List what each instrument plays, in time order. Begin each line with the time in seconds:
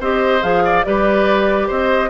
0.00 bassoon C4, clarinet G4, oboe C5, flute D#5
0.41 bassoon F3, clarinet G#4, flute F5
0.64 oboe D5
0.84 bassoon G3, clarinet G4, oboe B4, flute D5
1.67 bassoon C4, oboe C5, flute D#5